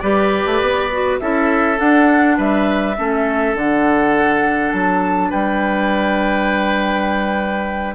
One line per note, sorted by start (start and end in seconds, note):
0.00 0.46 G3
0.00 0.91 G4
0.00 1.20 B4
0.00 1.18 D5
0.46 0.61 A3
0.62 1.21 B3
0.93 1.21 F#4
1.20 1.80 C#4
1.20 1.77 E4
1.20 2.37 A4
1.20 1.79 E5
1.77 2.95 D4
1.77 2.38 D4
1.77 2.38 F#5
2.37 2.98 G3
2.37 2.96 B4
2.37 3.57 E5
2.98 3.55 A3
2.98 3.57 C#4
2.98 5.30 A4
3.55 4.73 D3
3.55 7.95 D4
3.55 4.72 F#5
4.72 5.32 F#3
4.72 5.31 A5
5.30 7.95 G3
5.30 7.95 B4
5.30 7.95 G5